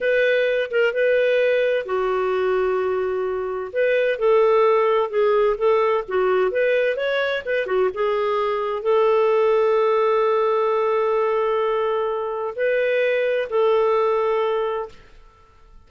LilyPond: \new Staff \with { instrumentName = "clarinet" } { \time 4/4 \tempo 4 = 129 b'4. ais'8 b'2 | fis'1 | b'4 a'2 gis'4 | a'4 fis'4 b'4 cis''4 |
b'8 fis'8 gis'2 a'4~ | a'1~ | a'2. b'4~ | b'4 a'2. | }